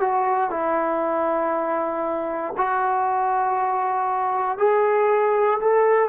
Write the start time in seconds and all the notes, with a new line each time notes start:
0.00 F#4
0.50 E4
2.57 F#4
4.58 G#4
5.60 A4